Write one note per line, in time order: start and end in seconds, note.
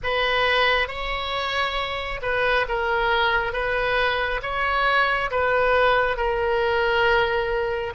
0.03 0.87 B4
0.87 2.20 C#5
2.21 2.66 B4
2.68 3.52 A#4
3.52 4.40 B4
4.42 5.30 C#5
5.31 6.16 B4
6.16 7.93 A#4